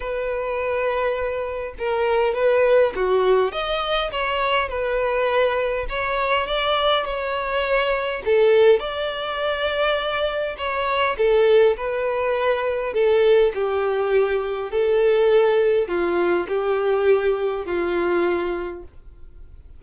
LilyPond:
\new Staff \with { instrumentName = "violin" } { \time 4/4 \tempo 4 = 102 b'2. ais'4 | b'4 fis'4 dis''4 cis''4 | b'2 cis''4 d''4 | cis''2 a'4 d''4~ |
d''2 cis''4 a'4 | b'2 a'4 g'4~ | g'4 a'2 f'4 | g'2 f'2 | }